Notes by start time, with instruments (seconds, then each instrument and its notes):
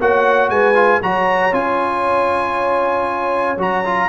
0.00 tuba A#3, trombone F#4, horn C#5, trumpet F#5
0.49 tuba G#3, horn B4, trumpet G#5
0.74 trombone F4
1.02 tuba F#3, trombone F#4, horn C#5, trumpet A#5
1.52 tuba C#4, trombone F4, trumpet G#5
3.57 tuba F#3, trombone F#4, trumpet A#5
3.84 trombone F4